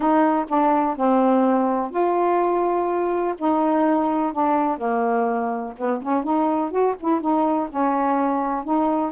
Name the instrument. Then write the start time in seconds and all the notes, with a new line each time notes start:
saxophone
0.00 D#4
0.48 D4
0.96 C4
1.90 F4
3.38 D#4
4.32 D4
4.77 A#3
5.77 B3
6.01 C#4
6.23 D#4
6.71 F#4
6.99 E4
7.20 D#4
7.69 C#4
8.64 D#4